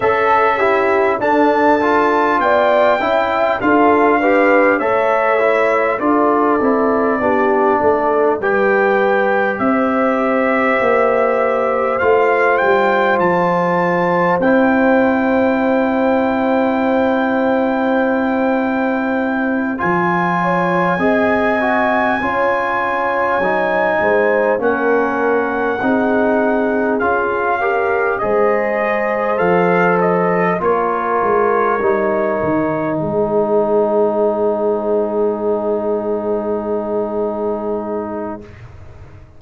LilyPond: <<
  \new Staff \with { instrumentName = "trumpet" } { \time 4/4 \tempo 4 = 50 e''4 a''4 g''4 f''4 | e''4 d''2 g''4 | e''2 f''8 g''8 a''4 | g''1~ |
g''8 gis''2.~ gis''8~ | gis''8 fis''2 f''4 dis''8~ | dis''8 f''8 dis''8 cis''2 c''8~ | c''1 | }
  \new Staff \with { instrumentName = "horn" } { \time 4/4 a'8 g'8 a'4 d''8 e''8 a'8 b'8 | cis''4 a'4 g'8 a'8 b'4 | c''1~ | c''1~ |
c''4 cis''8 dis''4 cis''4. | c''8 ais'4 gis'4. ais'8 c''8~ | c''4. ais'2 gis'8~ | gis'1 | }
  \new Staff \with { instrumentName = "trombone" } { \time 4/4 a'8 e'8 d'8 f'4 e'8 f'8 g'8 | a'8 e'8 f'8 e'8 d'4 g'4~ | g'2 f'2 | e'1~ |
e'8 f'4 gis'8 fis'8 f'4 dis'8~ | dis'8 cis'4 dis'4 f'8 g'8 gis'8~ | gis'8 a'4 f'4 dis'4.~ | dis'1 | }
  \new Staff \with { instrumentName = "tuba" } { \time 4/4 cis'4 d'4 b8 cis'8 d'4 | a4 d'8 c'8 b8 a8 g4 | c'4 ais4 a8 g8 f4 | c'1~ |
c'8 f4 c'4 cis'4 fis8 | gis8 ais4 c'4 cis'4 gis8~ | gis8 f4 ais8 gis8 g8 dis8 gis8~ | gis1 | }
>>